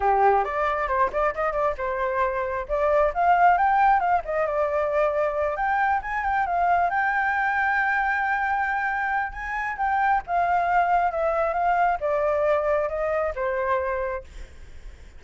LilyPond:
\new Staff \with { instrumentName = "flute" } { \time 4/4 \tempo 4 = 135 g'4 d''4 c''8 d''8 dis''8 d''8 | c''2 d''4 f''4 | g''4 f''8 dis''8 d''2~ | d''8 g''4 gis''8 g''8 f''4 g''8~ |
g''1~ | g''4 gis''4 g''4 f''4~ | f''4 e''4 f''4 d''4~ | d''4 dis''4 c''2 | }